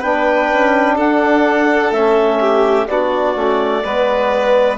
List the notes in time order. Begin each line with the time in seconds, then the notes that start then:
0.00 B3 D4 B4 G5
0.52 C#4
0.97 D4 A4 F#5
1.91 A3 C#4 E5
2.41 G4
2.88 B3 D4 F#4 D5
3.36 A3 C#4
3.84 G#3 B3 B4